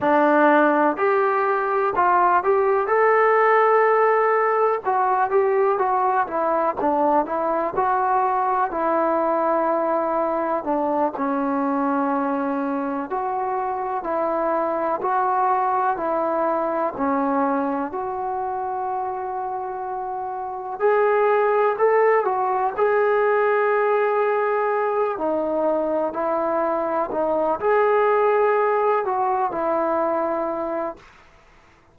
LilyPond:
\new Staff \with { instrumentName = "trombone" } { \time 4/4 \tempo 4 = 62 d'4 g'4 f'8 g'8 a'4~ | a'4 fis'8 g'8 fis'8 e'8 d'8 e'8 | fis'4 e'2 d'8 cis'8~ | cis'4. fis'4 e'4 fis'8~ |
fis'8 e'4 cis'4 fis'4.~ | fis'4. gis'4 a'8 fis'8 gis'8~ | gis'2 dis'4 e'4 | dis'8 gis'4. fis'8 e'4. | }